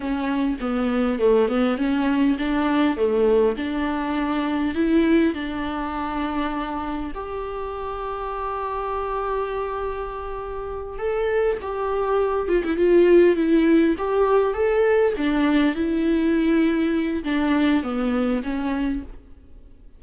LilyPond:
\new Staff \with { instrumentName = "viola" } { \time 4/4 \tempo 4 = 101 cis'4 b4 a8 b8 cis'4 | d'4 a4 d'2 | e'4 d'2. | g'1~ |
g'2~ g'8 a'4 g'8~ | g'4 f'16 e'16 f'4 e'4 g'8~ | g'8 a'4 d'4 e'4.~ | e'4 d'4 b4 cis'4 | }